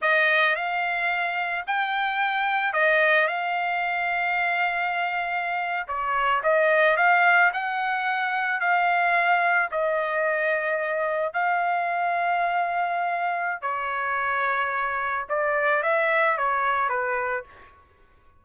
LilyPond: \new Staff \with { instrumentName = "trumpet" } { \time 4/4 \tempo 4 = 110 dis''4 f''2 g''4~ | g''4 dis''4 f''2~ | f''2~ f''8. cis''4 dis''16~ | dis''8. f''4 fis''2 f''16~ |
f''4.~ f''16 dis''2~ dis''16~ | dis''8. f''2.~ f''16~ | f''4 cis''2. | d''4 e''4 cis''4 b'4 | }